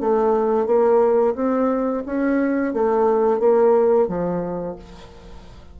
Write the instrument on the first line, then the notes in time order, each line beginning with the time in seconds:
bassoon
0.00 A3
0.66 A#3
1.35 C4
2.06 C#4
2.74 A3
3.39 A#3
4.08 F3